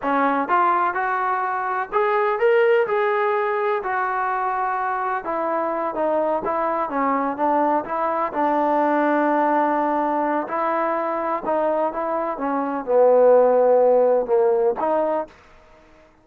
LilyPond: \new Staff \with { instrumentName = "trombone" } { \time 4/4 \tempo 4 = 126 cis'4 f'4 fis'2 | gis'4 ais'4 gis'2 | fis'2. e'4~ | e'8 dis'4 e'4 cis'4 d'8~ |
d'8 e'4 d'2~ d'8~ | d'2 e'2 | dis'4 e'4 cis'4 b4~ | b2 ais4 dis'4 | }